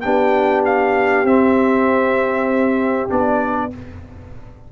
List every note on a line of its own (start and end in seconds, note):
0.00 1.23 B3
0.00 1.26 D4
0.00 3.71 G4
0.00 0.61 G5
0.65 1.26 F5
1.23 3.07 C4
1.23 3.09 C4
1.23 3.09 E5
3.09 3.72 B3
3.09 3.70 D4
3.09 3.71 D5